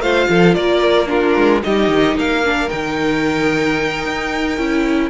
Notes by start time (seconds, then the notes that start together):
0.00 A3 F4 C5 F5
0.29 F3 A4
0.55 A#3 A#4 D5
1.06 D4 F4 A#4
1.36 G#3
1.64 G3 D#4 G4 D#5
1.88 D#3
2.15 A#3 A#4 F5
2.45 D4
2.69 D#3 D#4 G5
4.06 D#4
4.58 C#4 E4